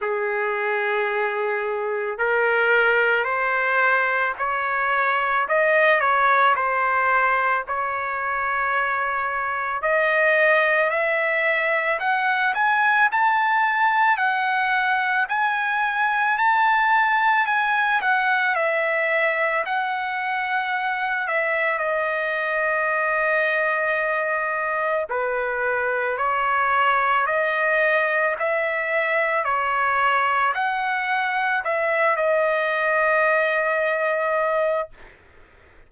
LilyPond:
\new Staff \with { instrumentName = "trumpet" } { \time 4/4 \tempo 4 = 55 gis'2 ais'4 c''4 | cis''4 dis''8 cis''8 c''4 cis''4~ | cis''4 dis''4 e''4 fis''8 gis''8 | a''4 fis''4 gis''4 a''4 |
gis''8 fis''8 e''4 fis''4. e''8 | dis''2. b'4 | cis''4 dis''4 e''4 cis''4 | fis''4 e''8 dis''2~ dis''8 | }